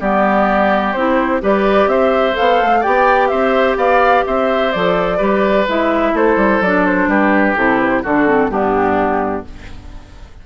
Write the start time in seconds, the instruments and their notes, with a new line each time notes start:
0.00 bassoon G3, clarinet B3, oboe G4, flute D5
0.93 bassoon C4, clarinet E4, flute C5
1.41 bassoon G3, clarinet G4, oboe B4, flute D5
1.87 bassoon C4, oboe C5, flute E5
2.33 clarinet A4, flute F5
2.39 bassoon B3
2.62 bassoon A3
2.80 bassoon B3, clarinet G4, oboe D5, flute G5
3.28 bassoon C4, oboe C5, flute E5
3.76 bassoon B3, oboe D5, flute F5
4.26 bassoon C4, oboe C5, flute E5
4.72 bassoon F3, clarinet A4, flute D5
5.18 bassoon G3, clarinet G4, oboe B4
5.68 bassoon G#3, clarinet E4, flute E5
6.13 bassoon A3, oboe A4, flute C5
6.36 bassoon G3
6.61 bassoon F#3, clarinet D4, flute D5
6.86 flute C5
7.07 bassoon G3, oboe G4, flute B4
7.56 bassoon C3, clarinet E4, flute A4
7.80 flute B4
7.90 flute C5
8.03 bassoon D3, clarinet D4, oboe F#4, flute A4
8.27 clarinet C4
8.49 bassoon G2, clarinet B3, oboe D4, flute G4